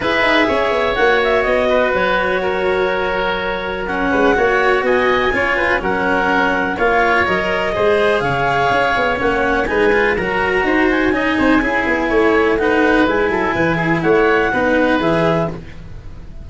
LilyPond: <<
  \new Staff \with { instrumentName = "clarinet" } { \time 4/4 \tempo 4 = 124 e''2 fis''8 e''8 dis''4 | cis''1 | fis''2 gis''2 | fis''2 f''4 dis''4~ |
dis''4 f''2 fis''4 | gis''4 ais''4. gis''4.~ | gis''2 fis''4 gis''4~ | gis''4 fis''2 e''4 | }
  \new Staff \with { instrumentName = "oboe" } { \time 4/4 b'4 cis''2~ cis''8 b'8~ | b'4 ais'2.~ | ais'8 b'8 cis''4 dis''4 cis''8 b'8 | ais'2 cis''2 |
c''4 cis''2. | b'4 ais'4 c''4 dis''8 c''8 | gis'4 cis''4 b'4. a'8 | b'8 gis'8 cis''4 b'2 | }
  \new Staff \with { instrumentName = "cello" } { \time 4/4 gis'2 fis'2~ | fis'1 | cis'4 fis'2 f'4 | cis'2 f'4 ais'4 |
gis'2. cis'4 | dis'8 f'8 fis'2 dis'4 | e'2 dis'4 e'4~ | e'2 dis'4 gis'4 | }
  \new Staff \with { instrumentName = "tuba" } { \time 4/4 e'8 dis'8 cis'8 b8 ais4 b4 | fis1~ | fis8 gis8 ais4 b4 cis'4 | fis2 ais4 fis4 |
gis4 cis4 cis'8 b8 ais4 | gis4 fis4 dis'4 cis'8 c'8 | cis'8 b8 a2 gis8 fis8 | e4 a4 b4 e4 | }
>>